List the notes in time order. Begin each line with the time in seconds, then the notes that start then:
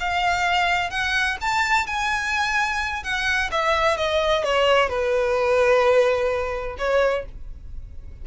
0.00 F5
0.90 F#5
1.41 A5
1.86 G#5
3.04 F#5
3.52 E5
3.97 D#5
4.44 C#5
4.89 B4
6.78 C#5